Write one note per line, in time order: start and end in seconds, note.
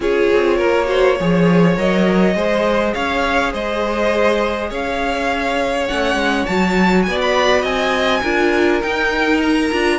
0.00 0.29 C#4
0.00 0.85 F4
0.00 0.56 G#4
0.00 1.78 C#5
0.33 0.61 C4
0.56 1.20 A#3
0.56 0.86 A#4
0.85 1.15 F#4
0.85 1.18 C5
1.20 1.77 F3
1.20 1.76 G#4
1.20 2.36 C#5
1.76 2.35 F#3
1.76 2.35 A#4
1.76 2.94 D#5
2.35 2.94 G#3
2.35 5.88 G#4
2.35 2.94 C5
2.94 3.53 C#4
2.94 3.52 C#5
2.94 3.53 F5
3.53 4.71 G#3
3.53 4.70 C5
3.53 4.71 D#5
4.70 5.88 C#4
4.70 7.05 C#5
4.70 5.87 F5
5.87 6.15 A3
5.87 6.47 C#4
5.87 6.46 F#5
6.15 6.44 G#3
6.46 7.07 F#3
6.46 8.24 F#4
6.46 7.03 A5
7.03 7.63 B3
7.03 7.17 G#5
7.10 7.61 D5
7.21 7.64 B5
7.61 8.21 C4
7.61 8.20 D#5
7.61 8.81 G#5
8.21 8.82 D4
8.21 8.82 F4
8.21 9.98 A#4
8.81 9.70 D#4
8.81 9.71 D#4
8.81 9.40 G5
9.42 9.98 A#5
9.71 9.98 D4
9.71 9.98 F4